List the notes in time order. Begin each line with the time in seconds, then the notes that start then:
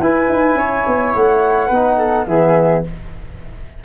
0.00 E4 B4 G#5
0.29 D#4
0.55 C#4 C#5
0.87 B3
1.15 A3 F#5
1.67 B3 B4
1.73 D#4
1.98 A4
2.27 E3 B3 G#4 E5